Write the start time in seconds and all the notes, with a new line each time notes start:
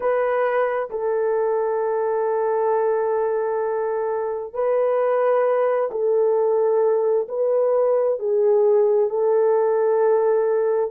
0.00 B4
0.90 A4
4.53 B4
5.91 A4
7.28 B4
8.19 G#4
9.09 A4